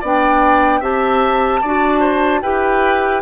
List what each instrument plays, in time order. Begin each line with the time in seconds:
0.00 bassoon B3, clarinet D4, oboe D5, flute G5
0.80 bassoon C4, clarinet G4, oboe E5, flute A5
1.61 bassoon D4, clarinet F#4, oboe D5
2.00 oboe C5
2.41 bassoon E4, clarinet G4, oboe B4, flute G5